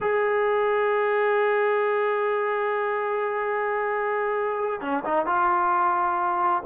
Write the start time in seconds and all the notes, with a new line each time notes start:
0.00 G#4
4.80 C#4
5.04 D#4
5.25 F4